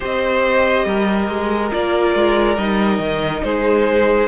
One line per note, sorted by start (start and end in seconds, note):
0.00 0.85 C4
0.00 1.71 G4
0.00 0.85 C5
0.00 1.73 D#5
0.85 1.27 G3
0.85 3.44 A#4
1.28 1.71 G#3
1.71 2.14 A#3
1.71 2.57 F4
1.71 2.57 D5
2.14 2.57 G#3
2.57 2.98 G3
2.57 4.28 D#4
2.57 3.43 D#5
2.98 3.41 D#3
3.43 4.28 G#3
3.43 4.28 G#4
3.43 4.28 C5